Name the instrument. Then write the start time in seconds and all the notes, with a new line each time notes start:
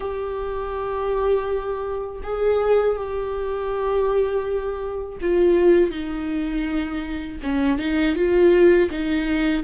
viola
0.00 G4
2.23 G#4
2.96 G4
5.21 F4
5.90 D#4
7.42 C#4
7.78 D#4
8.15 F4
8.90 D#4